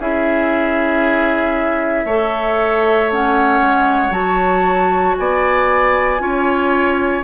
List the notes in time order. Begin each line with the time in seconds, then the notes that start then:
0.00 C#4 E4 G#4 E5
2.05 A3 A4 C#5
3.12 C#4 F#5
3.61 G#3
4.10 F#3 F#4 A5
5.17 B3 D5 G#5
6.19 C#4 F4 C#5